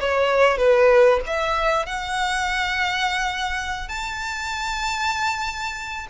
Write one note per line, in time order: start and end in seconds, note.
0.00 0.58 C#5
0.58 1.20 B4
1.27 1.86 E5
1.86 3.88 F#5
3.88 6.07 A5